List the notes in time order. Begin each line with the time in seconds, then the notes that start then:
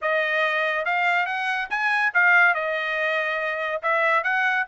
0.01 D#5
0.85 F5
1.26 F#5
1.70 G#5
2.14 F5
2.54 D#5
3.82 E5
4.23 F#5